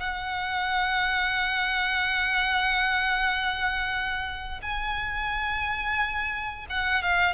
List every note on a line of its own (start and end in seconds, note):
0.00 4.60 F#5
4.62 6.66 G#5
6.69 7.02 F#5
7.02 7.33 F5